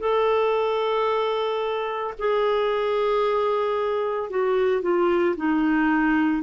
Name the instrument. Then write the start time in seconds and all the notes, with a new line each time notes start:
clarinet
0.00 A4
2.19 G#4
4.30 F#4
4.82 F4
5.37 D#4